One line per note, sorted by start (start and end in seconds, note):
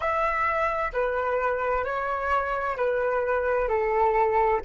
0.00 0.91 E5
0.92 1.84 B4
1.84 2.76 C#5
2.77 3.68 B4
3.68 4.60 A4